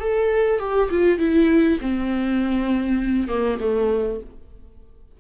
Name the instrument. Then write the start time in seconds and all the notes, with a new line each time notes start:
viola
0.00 A4
0.59 G4
0.91 F4
1.19 E4
1.81 C4
3.28 A#3
3.60 A3